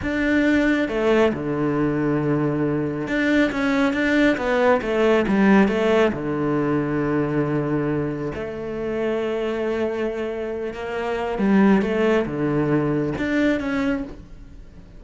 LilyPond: \new Staff \with { instrumentName = "cello" } { \time 4/4 \tempo 4 = 137 d'2 a4 d4~ | d2. d'4 | cis'4 d'4 b4 a4 | g4 a4 d2~ |
d2. a4~ | a1~ | a8 ais4. g4 a4 | d2 d'4 cis'4 | }